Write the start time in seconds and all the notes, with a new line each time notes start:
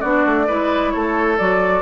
0.00 B3 D4 F#4 D5
0.25 A3
0.47 G#3 E4 B4
0.90 A3 A4 C#5
1.38 F#3 F#4 D5